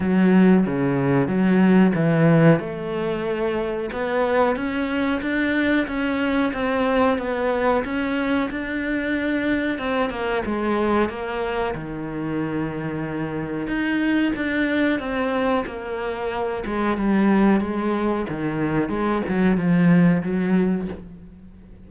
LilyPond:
\new Staff \with { instrumentName = "cello" } { \time 4/4 \tempo 4 = 92 fis4 cis4 fis4 e4 | a2 b4 cis'4 | d'4 cis'4 c'4 b4 | cis'4 d'2 c'8 ais8 |
gis4 ais4 dis2~ | dis4 dis'4 d'4 c'4 | ais4. gis8 g4 gis4 | dis4 gis8 fis8 f4 fis4 | }